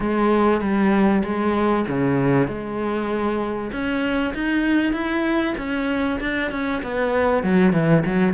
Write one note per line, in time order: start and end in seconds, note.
0.00 0.60 G#3
0.60 1.22 G3
1.23 1.85 G#3
1.88 2.47 C#3
2.47 3.71 G#3
3.71 4.33 C#4
4.34 4.92 D#4
4.92 5.54 E4
5.57 6.19 C#4
6.20 6.51 D4
6.51 6.82 C#4
6.82 7.43 B3
7.43 7.72 F#3
7.72 8.03 E3
8.05 8.33 F#3